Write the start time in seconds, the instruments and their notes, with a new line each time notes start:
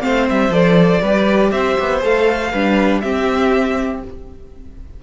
0.00 cello A3, viola C4, violin C5 F5
0.29 cello G3, violin E5
0.50 cello F3, viola A4, violin D5
1.02 cello G3, viola G4, violin B4
1.52 cello C4, violin C5 E5
1.80 cello B3
2.01 cello A3, viola A4, violin F5
2.52 cello G3, viola D4, violin B4
3.01 viola C4, cello C4, violin G4 E5